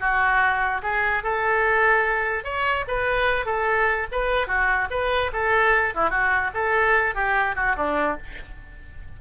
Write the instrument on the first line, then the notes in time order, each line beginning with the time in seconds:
oboe
0.00 F#4
0.82 G#4
1.23 A4
2.44 C#5
2.88 B4
3.46 A4
4.12 B4
4.47 F#4
4.90 B4
5.33 A4
5.94 E4
6.10 F#4
6.54 A4
7.15 G4
7.55 F#4
7.76 D4